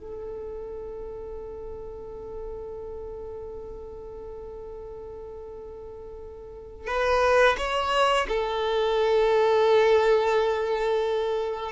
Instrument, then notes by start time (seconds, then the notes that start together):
violin
0.00 A4
6.87 B4
7.58 C#5
8.28 A4